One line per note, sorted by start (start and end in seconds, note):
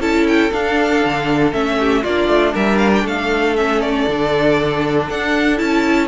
0.00 0.51 C#4
0.00 0.51 E4
0.00 1.79 A4
0.00 0.27 A5
0.27 0.53 G5
0.52 1.52 D4
0.52 1.04 D4
0.52 1.53 F5
1.05 1.53 D3
1.52 2.04 A3
1.52 2.03 C#4
1.52 2.04 E5
1.79 2.03 G4
2.03 2.28 A#3
2.03 3.57 D4
2.03 2.53 F4
2.03 2.55 D5
2.28 2.54 A3
2.53 3.04 G3
2.53 3.04 A#4
2.53 2.78 E5
2.78 2.91 F5
2.94 3.07 G5
3.04 4.06 A3
3.04 6.08 A4
3.04 3.56 F5
3.56 4.08 C#4
3.56 3.81 E5
3.81 5.08 D5
4.08 5.09 D3
4.08 5.57 D4
5.10 5.60 D4
5.10 5.58 F#5
5.57 6.08 C#4
5.57 6.08 E4
5.57 6.08 A5